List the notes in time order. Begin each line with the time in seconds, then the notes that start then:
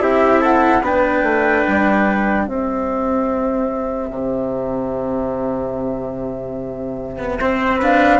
0.00 C4 E4 G4 E5
0.41 A4 F#5
0.82 B3 D4 B4 G5
1.23 A3
1.68 G3
2.47 C4 G4 E5
4.11 C3
7.19 B3
7.40 C4 C5
7.79 D4 B4 F5